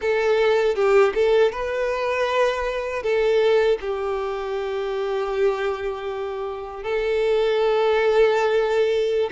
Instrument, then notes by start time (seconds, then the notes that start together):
violin
0.01 A4
0.75 G4
1.14 A4
1.52 B4
3.02 A4
3.80 G4
6.83 A4